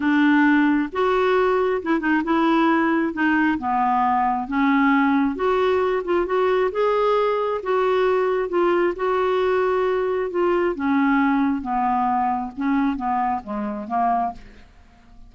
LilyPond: \new Staff \with { instrumentName = "clarinet" } { \time 4/4 \tempo 4 = 134 d'2 fis'2 | e'8 dis'8 e'2 dis'4 | b2 cis'2 | fis'4. f'8 fis'4 gis'4~ |
gis'4 fis'2 f'4 | fis'2. f'4 | cis'2 b2 | cis'4 b4 gis4 ais4 | }